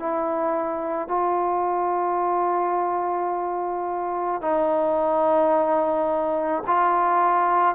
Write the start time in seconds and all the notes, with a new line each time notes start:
0.00 E4
1.09 F4
4.42 D#4
6.68 F4